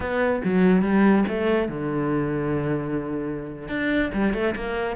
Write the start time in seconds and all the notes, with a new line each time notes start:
0.00 B3
0.44 F#3
0.82 G3
1.28 A3
1.68 D3
3.68 D4
4.13 G3
4.33 A3
4.55 A#3